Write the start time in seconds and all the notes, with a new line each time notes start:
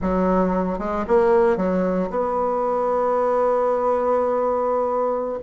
0.01 F#3
0.78 G#3
1.07 A#3
1.56 F#3
2.10 B3